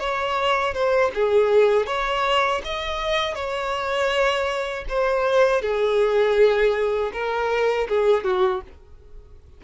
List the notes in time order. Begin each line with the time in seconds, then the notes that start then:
0.00 C#5
0.74 C5
1.15 G#4
1.86 C#5
2.65 D#5
3.35 C#5
4.89 C5
5.61 G#4
7.13 A#4
7.89 G#4
8.24 F#4